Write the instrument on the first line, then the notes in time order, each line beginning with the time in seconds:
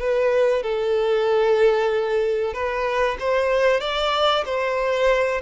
violin
0.00 B4
0.63 A4
2.54 B4
3.20 C5
3.81 D5
4.46 C5